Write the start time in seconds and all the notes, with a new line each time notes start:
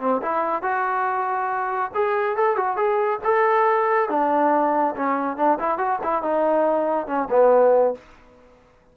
0.00 C4
0.22 E4
0.63 F#4
1.95 G#4
2.37 A4
2.57 F#4
2.76 G#4
3.24 A4
4.09 D4
4.96 C#4
5.37 D4
5.59 E4
5.78 F#4
6.04 E4
6.23 D#4
7.07 C#4
7.30 B3